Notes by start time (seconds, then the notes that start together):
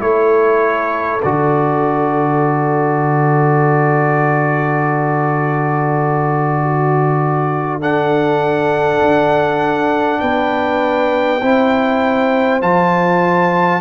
0.00 A3 E4 A4 C#5
1.23 D3 F#4 D5
6.63 F#4
7.81 D4 A4 F#5
9.01 D4
10.20 B3 B4 G5
11.40 C4 E4 C5
12.61 F3 F4 A5